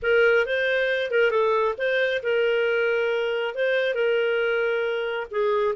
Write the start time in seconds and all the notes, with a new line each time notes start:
0.02 A#4
0.46 C5
1.10 A#4
1.30 A4
1.77 C5
2.22 A#4
3.55 C5
3.94 A#4
5.30 G#4